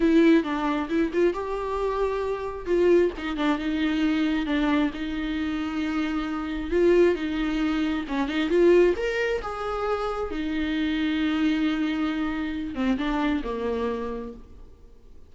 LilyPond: \new Staff \with { instrumentName = "viola" } { \time 4/4 \tempo 4 = 134 e'4 d'4 e'8 f'8 g'4~ | g'2 f'4 dis'8 d'8 | dis'2 d'4 dis'4~ | dis'2. f'4 |
dis'2 cis'8 dis'8 f'4 | ais'4 gis'2 dis'4~ | dis'1~ | dis'8 c'8 d'4 ais2 | }